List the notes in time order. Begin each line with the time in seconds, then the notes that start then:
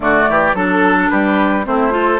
0.00 D3 A3 F#4 D5
0.29 E3 G4
0.54 F#3 D4 A4
1.09 G3 G4 B4
1.65 A3 C4 E4 C5
1.90 F4 A4